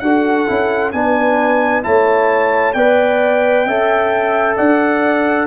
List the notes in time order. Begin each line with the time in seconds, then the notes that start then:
0.00 D4 F#4 A4 F#5
0.47 C#4 E4
0.92 B3 D4 B4 G#5
1.83 A3 E4 C#5 A5
2.73 B3 B4 D5 G5
3.66 C#4 A4 E5
4.57 D4 D5 F#5